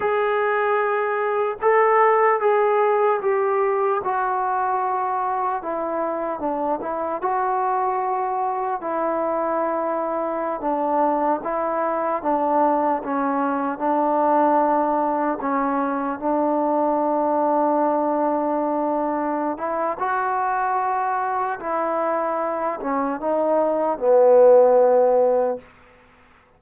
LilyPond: \new Staff \with { instrumentName = "trombone" } { \time 4/4 \tempo 4 = 75 gis'2 a'4 gis'4 | g'4 fis'2 e'4 | d'8 e'8 fis'2 e'4~ | e'4~ e'16 d'4 e'4 d'8.~ |
d'16 cis'4 d'2 cis'8.~ | cis'16 d'2.~ d'8.~ | d'8 e'8 fis'2 e'4~ | e'8 cis'8 dis'4 b2 | }